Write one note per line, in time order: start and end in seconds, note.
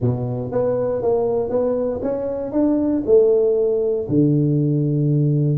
0.00 0.51 B2
0.51 1.01 B3
1.01 1.49 A#3
1.49 2.00 B3
2.02 2.52 C#4
2.52 3.03 D4
3.06 4.07 A3
4.08 5.58 D3